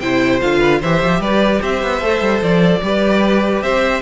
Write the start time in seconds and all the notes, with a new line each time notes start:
0.00 C3 E4 C5 G5
0.41 D3 F4 F5
0.59 B4
0.80 E3 G4 C5 E5
1.03 F3
1.19 G3 B4 D5
1.61 C4 C5 E5
1.82 B3
2.01 A3 A4
2.21 G3
2.41 F3 D5
2.82 G3 G4 B4
3.62 C4 C5 E5